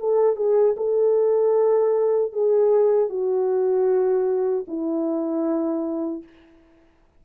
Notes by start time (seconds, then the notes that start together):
0.00 A4
0.36 G#4
0.77 A4
2.33 G#4
3.10 F#4
4.68 E4